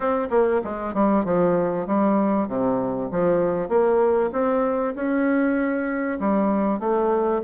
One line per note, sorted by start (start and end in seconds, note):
0.00 0.28 C4
0.30 0.61 A#3
0.64 0.94 G#3
0.94 1.24 G3
1.24 1.86 F3
1.87 2.47 G3
2.47 3.09 C3
3.11 3.68 F3
3.68 4.30 A#3
4.32 4.94 C4
4.95 6.19 C#4
6.19 6.79 G3
6.79 7.41 A3